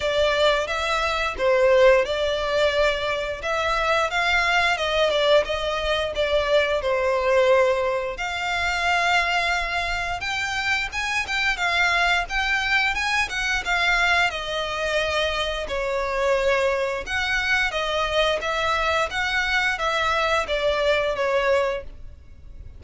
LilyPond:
\new Staff \with { instrumentName = "violin" } { \time 4/4 \tempo 4 = 88 d''4 e''4 c''4 d''4~ | d''4 e''4 f''4 dis''8 d''8 | dis''4 d''4 c''2 | f''2. g''4 |
gis''8 g''8 f''4 g''4 gis''8 fis''8 | f''4 dis''2 cis''4~ | cis''4 fis''4 dis''4 e''4 | fis''4 e''4 d''4 cis''4 | }